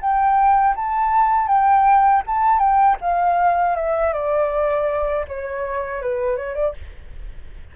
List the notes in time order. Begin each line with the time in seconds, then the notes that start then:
0.00 G5
0.76 A5
1.47 G5
2.27 A5
2.59 G5
3.01 F5
3.76 E5
4.13 D5
5.28 C#5
6.02 B4
6.36 C#5
6.55 D5